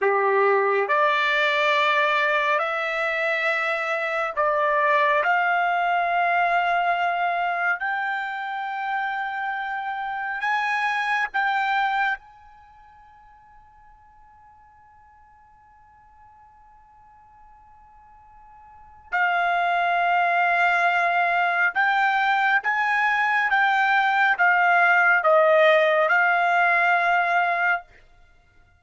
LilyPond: \new Staff \with { instrumentName = "trumpet" } { \time 4/4 \tempo 4 = 69 g'4 d''2 e''4~ | e''4 d''4 f''2~ | f''4 g''2. | gis''4 g''4 gis''2~ |
gis''1~ | gis''2 f''2~ | f''4 g''4 gis''4 g''4 | f''4 dis''4 f''2 | }